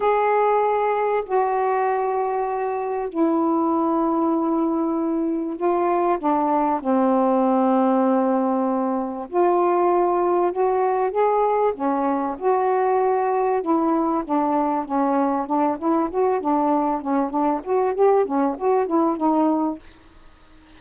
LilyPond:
\new Staff \with { instrumentName = "saxophone" } { \time 4/4 \tempo 4 = 97 gis'2 fis'2~ | fis'4 e'2.~ | e'4 f'4 d'4 c'4~ | c'2. f'4~ |
f'4 fis'4 gis'4 cis'4 | fis'2 e'4 d'4 | cis'4 d'8 e'8 fis'8 d'4 cis'8 | d'8 fis'8 g'8 cis'8 fis'8 e'8 dis'4 | }